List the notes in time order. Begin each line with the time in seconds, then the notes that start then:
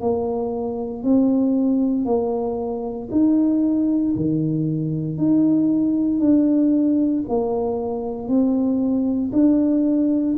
0.00 A#3
1.03 C4
2.05 A#3
3.11 D#4
4.16 D#3
5.17 D#4
6.20 D4
7.28 A#3
8.28 C4
9.32 D4